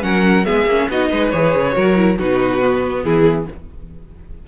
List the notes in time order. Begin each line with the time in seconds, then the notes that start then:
0.00 F#3 C#4 A#4 F#5
0.45 G#3 B3 G#4 E5
0.66 A#3 C#4
0.89 B3 D#4 F#4 D#5
1.10 G#3 B4
1.30 E3 G#4 C#5
1.55 C#3
1.72 F#3 F#4 A#4
1.95 E4
2.18 B2 D#4 F#4 B4
2.61 B3
3.03 E3 E4 G#4